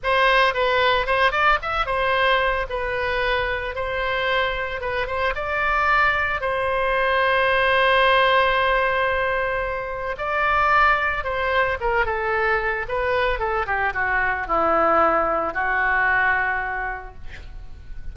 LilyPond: \new Staff \with { instrumentName = "oboe" } { \time 4/4 \tempo 4 = 112 c''4 b'4 c''8 d''8 e''8 c''8~ | c''4 b'2 c''4~ | c''4 b'8 c''8 d''2 | c''1~ |
c''2. d''4~ | d''4 c''4 ais'8 a'4. | b'4 a'8 g'8 fis'4 e'4~ | e'4 fis'2. | }